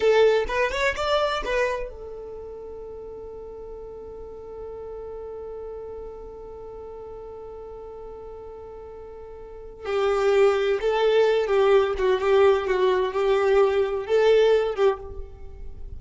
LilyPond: \new Staff \with { instrumentName = "violin" } { \time 4/4 \tempo 4 = 128 a'4 b'8 cis''8 d''4 b'4 | a'1~ | a'1~ | a'1~ |
a'1~ | a'4 g'2 a'4~ | a'8 g'4 fis'8 g'4 fis'4 | g'2 a'4. g'8 | }